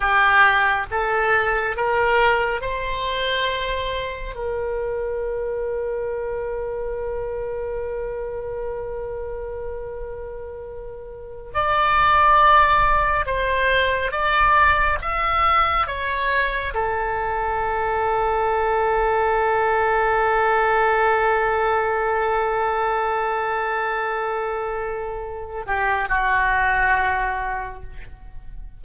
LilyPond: \new Staff \with { instrumentName = "oboe" } { \time 4/4 \tempo 4 = 69 g'4 a'4 ais'4 c''4~ | c''4 ais'2.~ | ais'1~ | ais'4~ ais'16 d''2 c''8.~ |
c''16 d''4 e''4 cis''4 a'8.~ | a'1~ | a'1~ | a'4. g'8 fis'2 | }